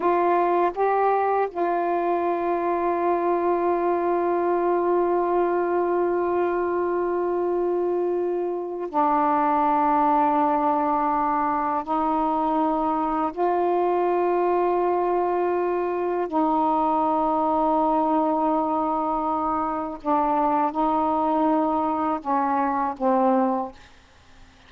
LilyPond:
\new Staff \with { instrumentName = "saxophone" } { \time 4/4 \tempo 4 = 81 f'4 g'4 f'2~ | f'1~ | f'1 | d'1 |
dis'2 f'2~ | f'2 dis'2~ | dis'2. d'4 | dis'2 cis'4 c'4 | }